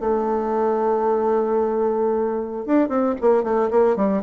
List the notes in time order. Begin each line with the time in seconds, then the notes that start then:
0.00 A3
2.66 D4
2.88 C4
3.21 A#3
3.43 A3
3.70 A#3
3.96 G3